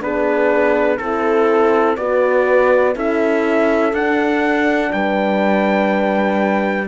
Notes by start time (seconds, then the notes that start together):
0.00 B3 D4 G#4 B4
0.97 C4 E4 A4
1.96 B3 F#4 B4 D5
2.94 C#4 E4 A4 E5
3.93 D4 F#5
4.92 G3 B4 G5